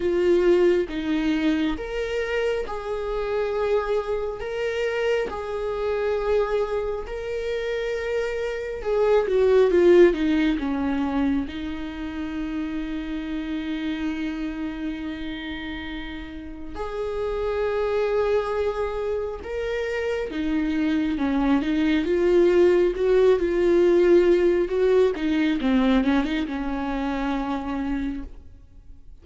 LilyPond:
\new Staff \with { instrumentName = "viola" } { \time 4/4 \tempo 4 = 68 f'4 dis'4 ais'4 gis'4~ | gis'4 ais'4 gis'2 | ais'2 gis'8 fis'8 f'8 dis'8 | cis'4 dis'2.~ |
dis'2. gis'4~ | gis'2 ais'4 dis'4 | cis'8 dis'8 f'4 fis'8 f'4. | fis'8 dis'8 c'8 cis'16 dis'16 cis'2 | }